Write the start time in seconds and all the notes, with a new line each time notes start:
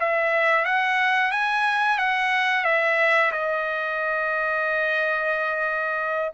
0.00 E5
0.65 F#5
1.32 G#5
1.98 F#5
2.65 E5
3.32 D#5